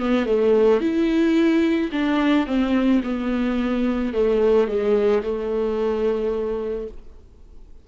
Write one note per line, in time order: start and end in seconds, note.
0.00 0.26 B3
0.26 0.81 A3
0.81 1.91 E4
1.92 2.47 D4
2.47 3.02 C4
3.04 4.14 B3
4.14 4.68 A3
4.68 5.23 G#3
5.23 6.88 A3